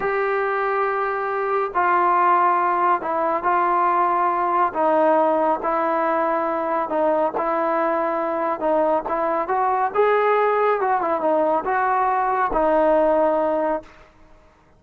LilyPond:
\new Staff \with { instrumentName = "trombone" } { \time 4/4 \tempo 4 = 139 g'1 | f'2. e'4 | f'2. dis'4~ | dis'4 e'2. |
dis'4 e'2. | dis'4 e'4 fis'4 gis'4~ | gis'4 fis'8 e'8 dis'4 fis'4~ | fis'4 dis'2. | }